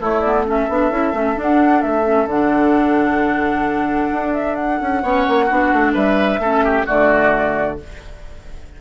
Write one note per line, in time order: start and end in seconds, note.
0.00 0.69 A3
0.00 0.24 A3
0.00 0.46 E4
0.00 0.21 C#5
0.21 0.46 B3
0.21 0.44 D5
0.46 0.69 C#4
0.46 5.03 A4
0.46 1.40 E5
0.69 0.91 B3
0.69 0.92 D4
0.91 1.13 C#4
0.91 1.13 E4
1.13 1.36 A3
1.13 1.36 C#4
1.36 2.04 D4
1.36 1.83 D4
1.42 1.82 F#5
1.82 2.26 A3
1.82 2.28 E5
2.04 2.27 C#4
2.26 4.10 D3
2.26 5.02 D4
2.26 4.34 F#5
4.13 4.81 D4
4.34 4.56 E5
4.56 5.93 F#5
4.81 5.03 C#4
5.02 5.26 B3
5.02 5.48 C#4
5.02 5.46 C#5
5.29 5.51 A#3
5.46 5.73 B3
5.46 6.41 D4
5.46 5.92 F#4
5.73 5.95 A3
5.94 6.39 G3
5.94 6.40 B4
5.94 6.87 E5
6.39 6.85 A3
6.39 6.86 C#4
6.39 6.65 A4
6.65 6.86 G4
6.86 7.81 D3
6.86 7.78 A3
6.86 7.78 F#4
6.86 7.79 D5